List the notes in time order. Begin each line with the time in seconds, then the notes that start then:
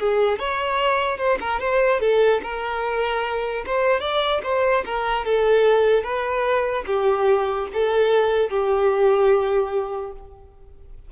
0.00 G#4
0.39 C#5
1.18 C5
1.41 A#4
1.60 C5
2.01 A4
2.43 A#4
3.66 C5
4.01 D5
4.44 C5
4.86 A#4
5.26 A4
6.04 B4
6.87 G4
7.74 A4
8.50 G4